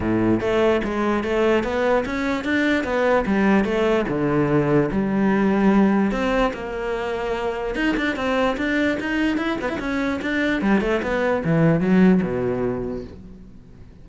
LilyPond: \new Staff \with { instrumentName = "cello" } { \time 4/4 \tempo 4 = 147 a,4 a4 gis4 a4 | b4 cis'4 d'4 b4 | g4 a4 d2 | g2. c'4 |
ais2. dis'8 d'8 | c'4 d'4 dis'4 e'8 b16 e'16 | cis'4 d'4 g8 a8 b4 | e4 fis4 b,2 | }